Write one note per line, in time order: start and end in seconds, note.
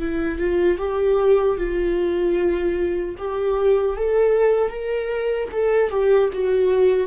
0.00 0.39 E4
0.39 0.78 F4
0.79 1.58 G4
1.58 3.16 F4
3.18 3.97 G4
3.97 4.70 A4
4.70 5.49 A#4
5.52 5.90 A4
5.90 6.30 G4
6.33 7.07 F#4